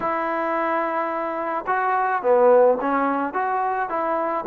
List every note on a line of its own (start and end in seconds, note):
0.00 1.65 E4
1.66 2.22 F#4
2.22 2.78 B3
2.81 3.33 C#4
3.33 3.89 F#4
3.89 4.44 E4